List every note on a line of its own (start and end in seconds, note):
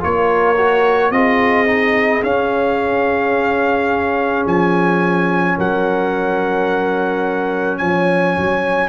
0.00 1.10 A#3
0.00 0.56 F4
0.00 1.14 A#4
0.00 1.11 C#5
0.57 1.12 F#4
1.10 2.22 C4
1.10 1.66 F4
1.10 5.56 G#4
1.10 2.22 D#5
1.66 2.22 D#4
2.23 4.45 C#4
2.23 8.88 C#4
2.23 4.46 F5
4.46 5.57 F3
4.46 5.58 G#5
5.56 7.81 F#3
5.56 7.79 A#4
5.56 7.78 F#5
7.78 8.36 F3
7.78 8.88 C#5
7.78 8.88 G#5
8.37 8.88 F#3